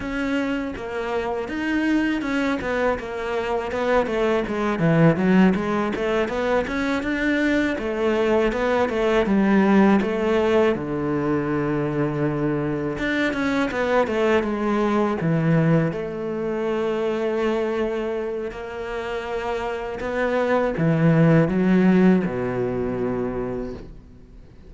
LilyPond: \new Staff \with { instrumentName = "cello" } { \time 4/4 \tempo 4 = 81 cis'4 ais4 dis'4 cis'8 b8 | ais4 b8 a8 gis8 e8 fis8 gis8 | a8 b8 cis'8 d'4 a4 b8 | a8 g4 a4 d4.~ |
d4. d'8 cis'8 b8 a8 gis8~ | gis8 e4 a2~ a8~ | a4 ais2 b4 | e4 fis4 b,2 | }